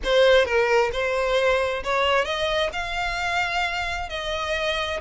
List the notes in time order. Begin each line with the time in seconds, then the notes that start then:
0.04 C5
0.45 A#4
0.92 C5
1.83 C#5
2.24 D#5
2.73 F5
4.09 D#5